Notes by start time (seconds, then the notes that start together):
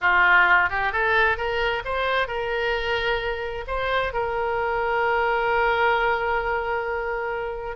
0.01 F4
0.69 G4
0.92 A4
1.37 A#4
1.84 C5
2.27 A#4
3.67 C5
4.13 A#4